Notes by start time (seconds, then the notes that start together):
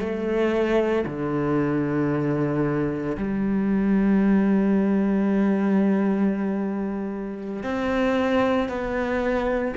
0.00 A3
1.07 D3
3.18 G3
7.64 C4
8.69 B3